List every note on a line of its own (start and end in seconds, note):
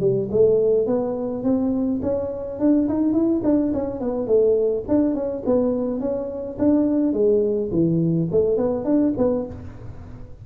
0.00 0.29 G3
0.31 0.87 A3
0.87 1.43 B3
1.43 2.01 C4
2.02 2.59 C#4
2.59 2.88 D4
2.89 3.13 D#4
3.13 3.41 E4
3.44 3.72 D4
3.73 4.00 C#4
4.00 4.27 B3
4.27 4.84 A3
4.88 5.15 D4
5.15 5.43 C#4
5.46 6.00 B3
6.00 6.57 C#4
6.58 7.13 D4
7.13 7.70 G#3
7.71 8.29 E3
8.31 8.57 A3
8.57 8.85 B3
8.85 9.13 D4
9.17 9.46 B3